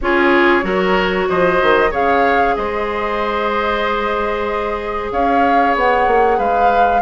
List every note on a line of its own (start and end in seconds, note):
0.01 0.63 C#4
0.01 0.62 F4
0.01 0.64 G#4
0.01 1.28 C#5
0.62 1.27 F#3
0.62 1.89 F#4
0.62 1.28 A#4
1.28 1.62 F3
1.28 1.90 C5
1.28 1.92 D#5
1.62 1.92 D#3
1.90 2.56 C#3
1.90 7.01 G#4
1.90 2.54 C#5
1.90 2.55 F5
2.55 5.11 G#3
2.55 5.12 C5
2.55 5.10 D#5
5.11 5.75 C#4
5.11 6.37 C#5
5.11 5.76 F5
5.75 6.07 B3
5.75 6.39 F#5
6.07 6.38 A#3
6.37 7.01 G#3
6.37 7.01 B4
6.37 7.01 F5